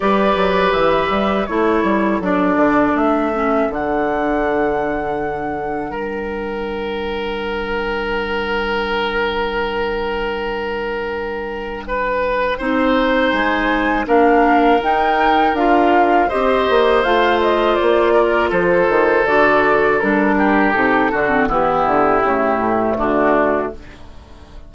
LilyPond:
<<
  \new Staff \with { instrumentName = "flute" } { \time 4/4 \tempo 4 = 81 d''4 e''4 cis''4 d''4 | e''4 fis''2. | g''1~ | g''1~ |
g''2 gis''4 f''4 | g''4 f''4 dis''4 f''8 dis''8 | d''4 c''4 d''4 ais'4 | a'4 g'2 fis'4 | }
  \new Staff \with { instrumentName = "oboe" } { \time 4/4 b'2 a'2~ | a'1 | ais'1~ | ais'1 |
b'4 c''2 ais'4~ | ais'2 c''2~ | c''8 ais'8 a'2~ a'8 g'8~ | g'8 fis'8 e'2 d'4 | }
  \new Staff \with { instrumentName = "clarinet" } { \time 4/4 g'2 e'4 d'4~ | d'8 cis'8 d'2.~ | d'1~ | d'1~ |
d'4 dis'2 d'4 | dis'4 f'4 g'4 f'4~ | f'2 fis'4 d'4 | dis'8 d'16 c'16 b4 a2 | }
  \new Staff \with { instrumentName = "bassoon" } { \time 4/4 g8 fis8 e8 g8 a8 g8 fis8 d8 | a4 d2. | g1~ | g1~ |
g4 c'4 gis4 ais4 | dis'4 d'4 c'8 ais8 a4 | ais4 f8 dis8 d4 g4 | c8 d8 e8 d8 cis8 a,8 d4 | }
>>